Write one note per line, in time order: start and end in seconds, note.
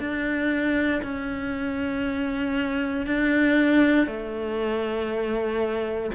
0.00 1.02 D4
1.03 3.06 C#4
3.07 4.07 D4
4.07 6.11 A3